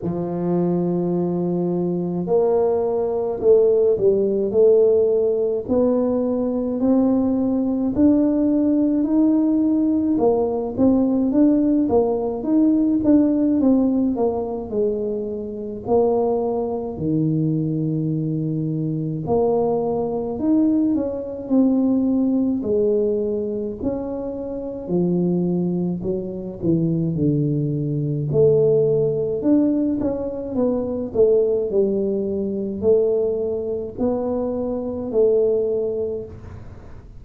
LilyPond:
\new Staff \with { instrumentName = "tuba" } { \time 4/4 \tempo 4 = 53 f2 ais4 a8 g8 | a4 b4 c'4 d'4 | dis'4 ais8 c'8 d'8 ais8 dis'8 d'8 | c'8 ais8 gis4 ais4 dis4~ |
dis4 ais4 dis'8 cis'8 c'4 | gis4 cis'4 f4 fis8 e8 | d4 a4 d'8 cis'8 b8 a8 | g4 a4 b4 a4 | }